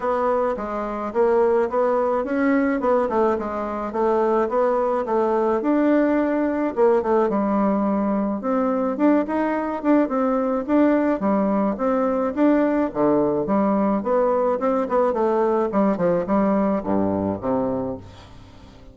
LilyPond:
\new Staff \with { instrumentName = "bassoon" } { \time 4/4 \tempo 4 = 107 b4 gis4 ais4 b4 | cis'4 b8 a8 gis4 a4 | b4 a4 d'2 | ais8 a8 g2 c'4 |
d'8 dis'4 d'8 c'4 d'4 | g4 c'4 d'4 d4 | g4 b4 c'8 b8 a4 | g8 f8 g4 g,4 c4 | }